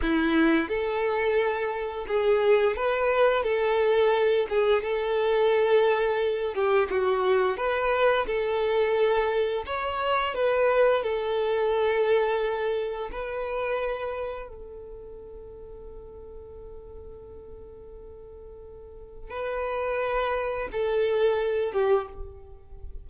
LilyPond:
\new Staff \with { instrumentName = "violin" } { \time 4/4 \tempo 4 = 87 e'4 a'2 gis'4 | b'4 a'4. gis'8 a'4~ | a'4. g'8 fis'4 b'4 | a'2 cis''4 b'4 |
a'2. b'4~ | b'4 a'2.~ | a'1 | b'2 a'4. g'8 | }